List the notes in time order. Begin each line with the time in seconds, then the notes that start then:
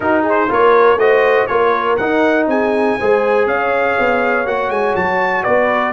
0.00 D#4 F#4 A#4
0.23 G#4
0.29 C5
0.48 A#3 F4 A#4 C#5
0.97 A3 F#4 C5 D#5
1.47 A#3 F4 A#4 C#5
1.96 D#4 F#5
2.46 C4 G#4 G#5
2.98 G#3 G#4 C5
3.46 C#4 C#5 F5
3.98 B3
4.45 A#3 F#4 F#5
4.69 G#3 G#5
4.95 F#3 A5
5.43 B3 B4 D5